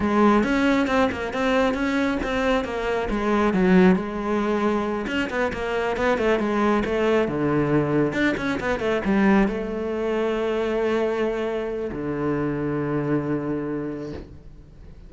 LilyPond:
\new Staff \with { instrumentName = "cello" } { \time 4/4 \tempo 4 = 136 gis4 cis'4 c'8 ais8 c'4 | cis'4 c'4 ais4 gis4 | fis4 gis2~ gis8 cis'8 | b8 ais4 b8 a8 gis4 a8~ |
a8 d2 d'8 cis'8 b8 | a8 g4 a2~ a8~ | a2. d4~ | d1 | }